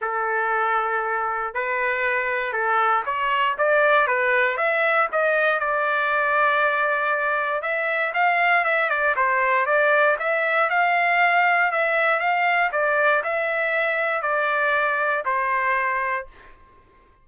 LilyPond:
\new Staff \with { instrumentName = "trumpet" } { \time 4/4 \tempo 4 = 118 a'2. b'4~ | b'4 a'4 cis''4 d''4 | b'4 e''4 dis''4 d''4~ | d''2. e''4 |
f''4 e''8 d''8 c''4 d''4 | e''4 f''2 e''4 | f''4 d''4 e''2 | d''2 c''2 | }